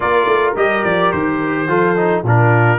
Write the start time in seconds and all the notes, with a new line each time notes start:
0.00 A#3 F4 A#4 D5
0.26 A3
0.55 G3 G4 D#5
0.84 F3 D5
1.11 D#3 C5
1.67 F3 F4 A4
1.96 D#4
2.23 A#2 D4 F4 A#4